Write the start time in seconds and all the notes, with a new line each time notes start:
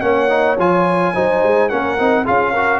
0.00 A#3 C#4 C#5 F#5
0.28 D#4
0.58 F3 F4 G#5
1.14 F#3 D#4 C5
1.43 G#3
1.69 A#3 C#4 A#4 F#5
1.98 C4 D#4
2.23 C#4 F4 G#4 F5
2.52 F#4 A#4